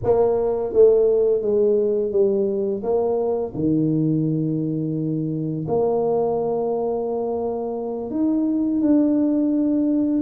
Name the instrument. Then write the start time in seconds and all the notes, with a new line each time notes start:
tuba
0.03 A#3
0.72 A3
1.41 G#3
2.11 G3
2.82 A#3
3.54 D#3
5.67 A#3
8.10 D#4
8.80 D4